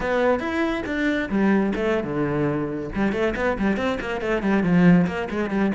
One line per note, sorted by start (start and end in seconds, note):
0.00 0.39 B3
0.39 0.82 E4
0.86 1.29 D4
1.29 1.72 G3
1.75 2.03 A3
2.03 2.89 D3
2.95 3.12 G3
3.12 3.34 A3
3.36 3.57 B3
3.58 3.77 G3
3.77 3.98 C4
4.00 4.21 A#3
4.21 4.42 A3
4.42 4.63 G3
4.63 5.06 F3
5.06 5.28 A#3
5.30 5.50 G#3
5.50 5.72 G3